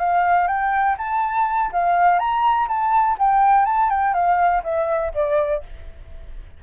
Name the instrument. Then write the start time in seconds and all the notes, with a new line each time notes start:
flute
0.00 F5
0.47 G5
0.98 A5
1.73 F5
2.19 A#5
2.69 A5
3.19 G5
3.65 A5
3.90 G5
4.14 F5
4.64 E5
5.14 D5